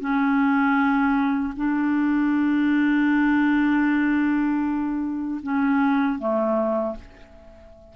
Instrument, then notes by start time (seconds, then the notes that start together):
clarinet
0.00 C#4
1.56 D4
5.43 C#4
6.19 A3